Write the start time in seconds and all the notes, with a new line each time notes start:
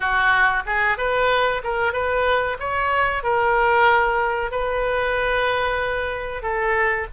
0.00 F#4
0.66 G#4
0.97 B4
1.63 A#4
1.92 B4
2.59 C#5
3.23 A#4
4.51 B4
6.42 A4